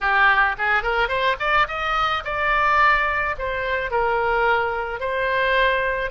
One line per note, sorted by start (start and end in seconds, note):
0.00 0.56 G4
0.58 0.82 G#4
0.82 1.08 A#4
1.08 1.36 C5
1.39 1.67 D5
1.68 2.23 D#5
2.24 3.35 D5
3.38 3.90 C5
3.90 4.99 A#4
4.99 6.10 C5